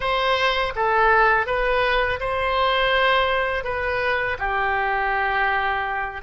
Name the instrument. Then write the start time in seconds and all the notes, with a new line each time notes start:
oboe
0.00 C5
0.75 A4
1.46 B4
2.20 C5
3.64 B4
4.39 G4